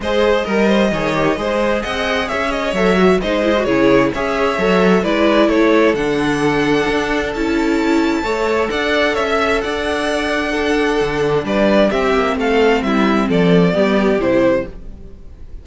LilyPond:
<<
  \new Staff \with { instrumentName = "violin" } { \time 4/4 \tempo 4 = 131 dis''1 | fis''4 e''8 dis''8 e''4 dis''4 | cis''4 e''2 d''4 | cis''4 fis''2. |
a''2. fis''4 | e''4 fis''2.~ | fis''4 d''4 e''4 f''4 | e''4 d''2 c''4 | }
  \new Staff \with { instrumentName = "violin" } { \time 4/4 c''4 ais'8 c''8 cis''4 c''4 | dis''4 cis''2 c''4 | gis'4 cis''2 b'4 | a'1~ |
a'2 cis''4 d''4 | cis''16 e''8. d''2 a'4~ | a'4 b'4 g'4 a'4 | e'4 a'4 g'2 | }
  \new Staff \with { instrumentName = "viola" } { \time 4/4 gis'4 ais'4 gis'8 g'8 gis'4~ | gis'2 a'8 fis'8 dis'8 e'16 fis'16 | e'4 gis'4 a'4 e'4~ | e'4 d'2. |
e'2 a'2~ | a'2. d'4~ | d'2 c'2~ | c'2 b4 e'4 | }
  \new Staff \with { instrumentName = "cello" } { \time 4/4 gis4 g4 dis4 gis4 | c'4 cis'4 fis4 gis4 | cis4 cis'4 fis4 gis4 | a4 d2 d'4 |
cis'2 a4 d'4 | cis'4 d'2. | d4 g4 c'8 ais8 a4 | g4 f4 g4 c4 | }
>>